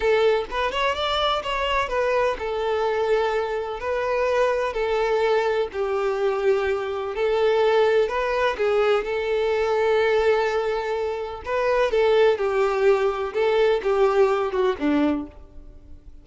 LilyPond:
\new Staff \with { instrumentName = "violin" } { \time 4/4 \tempo 4 = 126 a'4 b'8 cis''8 d''4 cis''4 | b'4 a'2. | b'2 a'2 | g'2. a'4~ |
a'4 b'4 gis'4 a'4~ | a'1 | b'4 a'4 g'2 | a'4 g'4. fis'8 d'4 | }